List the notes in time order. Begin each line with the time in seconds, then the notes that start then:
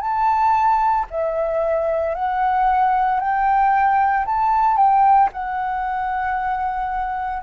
0.00 A5
1.11 E5
2.15 F#5
3.20 G5
4.25 A5
4.77 G5
5.32 F#5